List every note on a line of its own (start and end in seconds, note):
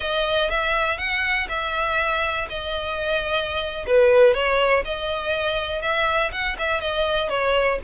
0.00 0.50 D#5
0.50 0.98 E5
0.98 1.47 F#5
1.49 2.48 E5
2.49 3.85 D#5
3.86 4.33 B4
4.33 4.83 C#5
4.84 5.81 D#5
5.81 6.31 E5
6.31 6.56 F#5
6.58 6.80 E5
6.80 7.29 D#5
7.29 7.79 C#5